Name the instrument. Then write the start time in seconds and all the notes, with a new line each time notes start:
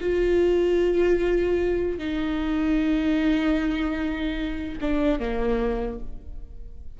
viola
0.00 F4
1.98 D#4
4.81 D4
5.19 A#3